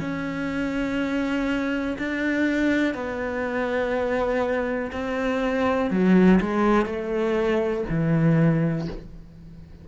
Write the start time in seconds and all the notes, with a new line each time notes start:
0.00 C#4
1.98 D4
2.94 B3
4.92 C4
5.90 F#3
6.40 G#3
6.86 A3
7.89 E3